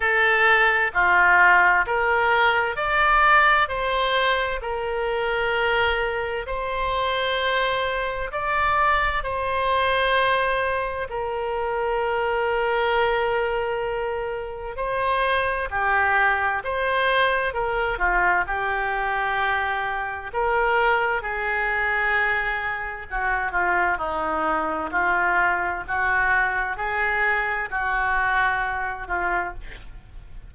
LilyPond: \new Staff \with { instrumentName = "oboe" } { \time 4/4 \tempo 4 = 65 a'4 f'4 ais'4 d''4 | c''4 ais'2 c''4~ | c''4 d''4 c''2 | ais'1 |
c''4 g'4 c''4 ais'8 f'8 | g'2 ais'4 gis'4~ | gis'4 fis'8 f'8 dis'4 f'4 | fis'4 gis'4 fis'4. f'8 | }